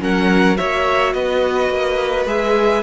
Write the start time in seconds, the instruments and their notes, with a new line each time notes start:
0.00 cello F#3, viola C#4, violin A#4 F#5
0.57 cello A#3, viola F#4, violin C#5 E5
1.13 cello B3, violin B4 D#5
1.69 cello A#3
2.26 cello G#3, viola G#4, violin E5